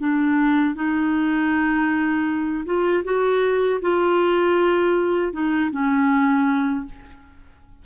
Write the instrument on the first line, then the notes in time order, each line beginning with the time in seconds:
clarinet
0.00 D4
0.75 D#4
2.66 F4
3.04 F#4
3.81 F4
5.33 D#4
5.71 C#4